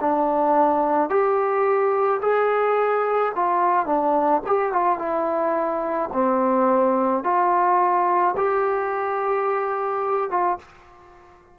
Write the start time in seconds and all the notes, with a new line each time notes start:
0.00 D4
1.09 G4
2.21 G#4
3.35 F4
3.85 D4
4.46 G4
4.72 F4
4.98 E4
6.13 C4
7.23 F4
8.36 G4
10.30 F4